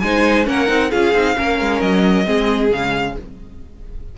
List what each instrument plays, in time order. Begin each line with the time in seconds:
0.00 cello G#3, viola D#4, violin C5 G#5
0.45 cello A#3, viola C#4, violin A#4 F#5
0.67 cello C4, viola D#4
0.91 cello C#4, viola F4, violin G#4 F5
1.14 cello C4, viola D#4
1.36 cello A#3, viola C#4, violin A#4
1.60 cello G#3
1.81 cello F#3, violin D#5
2.25 cello G#3, viola C4, violin G#4
2.71 cello C#3, viola G#3, violin F5